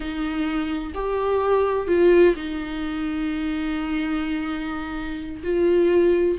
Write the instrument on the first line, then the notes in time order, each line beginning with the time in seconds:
viola
0.00 D#4
0.94 G4
1.87 F4
2.35 D#4
5.43 F4